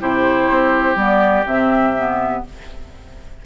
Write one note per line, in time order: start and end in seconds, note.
0.00 0.49 C3
0.00 0.96 E4
0.00 2.43 G4
0.00 0.97 C5
0.49 0.95 C4
0.95 1.44 G3
0.95 1.45 B3
0.95 1.45 D5
1.46 2.42 C3
1.46 1.95 C4
1.46 2.44 E5
1.97 2.45 B3